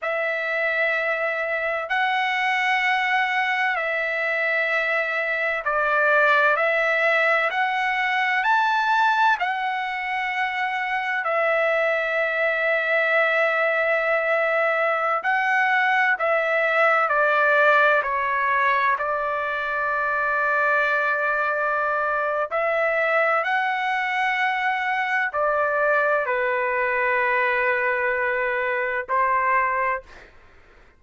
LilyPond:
\new Staff \with { instrumentName = "trumpet" } { \time 4/4 \tempo 4 = 64 e''2 fis''2 | e''2 d''4 e''4 | fis''4 a''4 fis''2 | e''1~ |
e''16 fis''4 e''4 d''4 cis''8.~ | cis''16 d''2.~ d''8. | e''4 fis''2 d''4 | b'2. c''4 | }